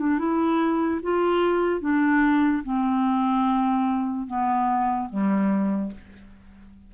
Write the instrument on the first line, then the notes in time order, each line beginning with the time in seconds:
clarinet
0.00 D4
0.19 E4
1.03 F4
1.81 D4
2.64 C4
4.27 B3
5.10 G3